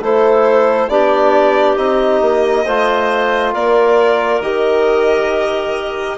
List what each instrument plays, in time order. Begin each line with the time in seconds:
0.00 bassoon A3, trombone E4, clarinet A4, violin C5
0.88 bassoon B3, trombone D4, clarinet G4, violin D5
1.77 bassoon C4, trombone D#4, violin D#5
2.21 bassoon A#3
2.64 bassoon A3, trombone F4, clarinet C5
3.53 bassoon A#3, clarinet A#4, violin D5
4.40 bassoon D#3, trombone G4, violin D#5